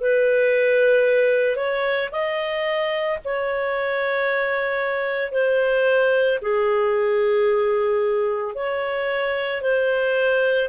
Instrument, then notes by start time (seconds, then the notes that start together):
clarinet
0.00 B4
1.56 C#5
2.11 D#5
3.24 C#5
5.31 C5
6.41 G#4
8.55 C#5
9.61 C5